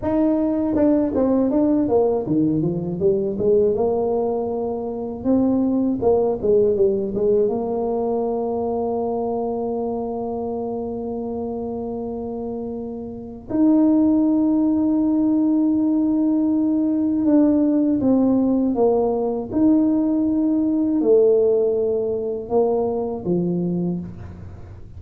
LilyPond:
\new Staff \with { instrumentName = "tuba" } { \time 4/4 \tempo 4 = 80 dis'4 d'8 c'8 d'8 ais8 dis8 f8 | g8 gis8 ais2 c'4 | ais8 gis8 g8 gis8 ais2~ | ais1~ |
ais2 dis'2~ | dis'2. d'4 | c'4 ais4 dis'2 | a2 ais4 f4 | }